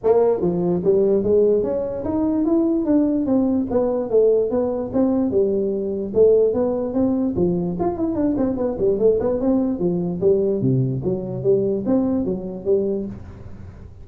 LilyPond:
\new Staff \with { instrumentName = "tuba" } { \time 4/4 \tempo 4 = 147 ais4 f4 g4 gis4 | cis'4 dis'4 e'4 d'4 | c'4 b4 a4 b4 | c'4 g2 a4 |
b4 c'4 f4 f'8 e'8 | d'8 c'8 b8 g8 a8 b8 c'4 | f4 g4 c4 fis4 | g4 c'4 fis4 g4 | }